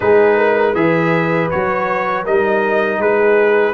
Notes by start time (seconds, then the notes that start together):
0.00 G#3 D#4 G#4 B4
0.37 A#4
0.73 E3 G#4 B4 E5
1.50 F#3 F#4 C#5
2.24 G3 D#4 A#4 D#5
2.98 G#3 G#4 B4